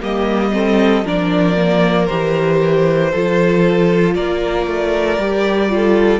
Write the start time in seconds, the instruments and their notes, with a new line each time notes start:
0.00 cello G3, viola A#3, violin G4 D#5
0.53 viola C4, violin A4
1.04 cello F3, viola D4, violin A#4 D5
1.57 viola A#3
2.07 cello E3, viola G4, violin C5
3.11 cello F3, viola F4, violin A4
4.14 cello A#3, violin A#4 D5
4.67 cello A3
5.18 cello G3, viola G4
5.69 viola F4, violin A4